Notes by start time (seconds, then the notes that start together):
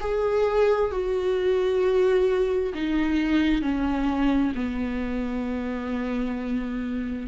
0.00 G#4
0.91 F#4
2.74 D#4
3.62 C#4
4.55 B3